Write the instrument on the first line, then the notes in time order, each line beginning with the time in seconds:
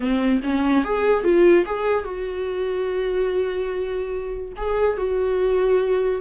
viola
0.00 C4
0.43 C#4
0.84 G#4
1.23 F4
1.65 G#4
2.04 F#4
4.56 G#4
4.97 F#4